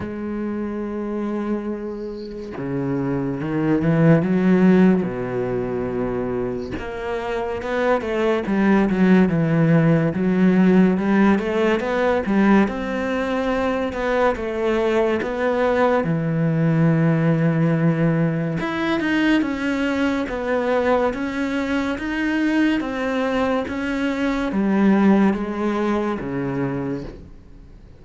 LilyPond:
\new Staff \with { instrumentName = "cello" } { \time 4/4 \tempo 4 = 71 gis2. cis4 | dis8 e8 fis4 b,2 | ais4 b8 a8 g8 fis8 e4 | fis4 g8 a8 b8 g8 c'4~ |
c'8 b8 a4 b4 e4~ | e2 e'8 dis'8 cis'4 | b4 cis'4 dis'4 c'4 | cis'4 g4 gis4 cis4 | }